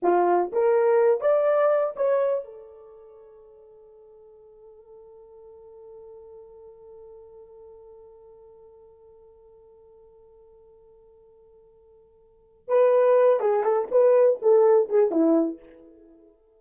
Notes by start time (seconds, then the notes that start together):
0.02 F4
0.52 A#4
1.20 D5
1.96 C#5
2.44 A4
12.68 B4
13.39 G#4
13.63 A4
13.91 B4
14.42 A4
14.89 G#4
15.11 E4